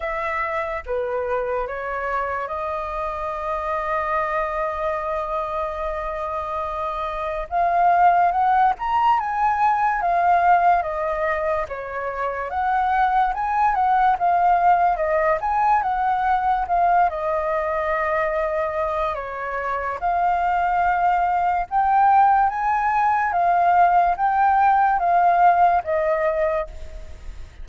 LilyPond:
\new Staff \with { instrumentName = "flute" } { \time 4/4 \tempo 4 = 72 e''4 b'4 cis''4 dis''4~ | dis''1~ | dis''4 f''4 fis''8 ais''8 gis''4 | f''4 dis''4 cis''4 fis''4 |
gis''8 fis''8 f''4 dis''8 gis''8 fis''4 | f''8 dis''2~ dis''8 cis''4 | f''2 g''4 gis''4 | f''4 g''4 f''4 dis''4 | }